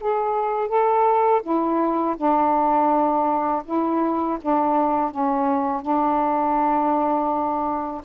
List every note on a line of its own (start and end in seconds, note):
0.00 0.68 G#4
0.68 1.41 A4
1.42 2.16 E4
2.17 3.63 D4
3.65 4.38 E4
4.41 5.11 D4
5.11 5.81 C#4
5.81 8.01 D4